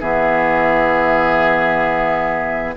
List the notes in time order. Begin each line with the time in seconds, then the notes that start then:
0.00 E3 B3 G#4 E5